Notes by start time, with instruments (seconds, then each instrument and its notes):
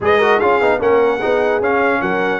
0.00 tuba G#3, trombone G#4, horn B4, trumpet D#5
0.18 trombone F#4, horn A#4
0.37 tuba C#4, trombone F4, horn G#4, trumpet F5
0.60 tuba B3, trombone D#4
0.79 tuba A#3, trombone C#4, horn A#4, trumpet F#5
1.18 trombone D#4, horn G#4
1.24 tuba B3
1.60 tuba C#4, trombone C#4, trumpet F5
2.01 tuba F#3, horn A#4, trumpet F#5